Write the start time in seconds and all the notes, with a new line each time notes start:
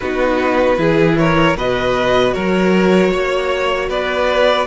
0.00 B3 D#4 F#4 B4
0.77 E3 E4 G#4
1.17 A#4 C#5
1.56 B2 F#4 B4 D#5
2.33 F#3 A#4 C#5
3.11 A#3 C#5
3.89 B3 B4 D5